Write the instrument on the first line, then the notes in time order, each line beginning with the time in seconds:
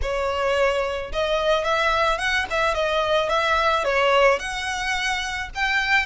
violin
0.02 C#5
1.12 D#5
1.64 E5
2.18 F#5
2.50 E5
2.74 D#5
3.29 E5
3.84 C#5
4.39 F#5
5.54 G5